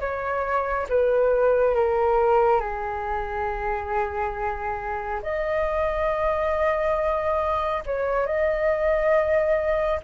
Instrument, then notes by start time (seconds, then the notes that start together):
flute
0.00 C#5
0.89 B4
1.75 A#4
2.60 G#4
5.22 D#5
7.86 C#5
8.26 D#5